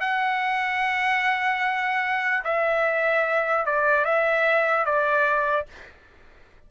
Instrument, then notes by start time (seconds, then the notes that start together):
trumpet
0.00 F#5
2.44 E5
3.66 D5
4.05 E5
4.85 D5